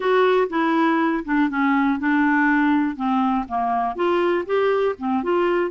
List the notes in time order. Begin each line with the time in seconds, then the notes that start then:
0.00 F#4
0.49 E4
1.25 D4
1.49 C#4
1.99 D4
2.95 C4
3.48 A#3
3.95 F4
4.46 G4
4.98 C4
5.23 F4